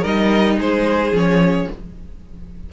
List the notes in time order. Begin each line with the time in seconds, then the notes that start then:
0.00 G3 D#4 A#4 D#5
0.58 G#3 G#4 C5
1.11 F3 C#4 C#5